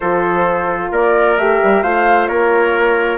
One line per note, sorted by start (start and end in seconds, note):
0.00 0.91 F3
0.00 1.38 F4
0.00 0.91 A4
0.00 0.92 C5
0.91 1.37 A#3
0.91 1.83 A#4
0.91 1.37 D5
1.37 1.60 A3
1.37 1.82 G4
1.37 1.82 E5
1.63 1.83 G3
1.82 2.28 A3
1.82 3.17 F4
1.82 2.28 C5
1.82 2.27 F5
2.27 3.17 A#3
2.27 3.17 A#4
2.27 3.17 C#5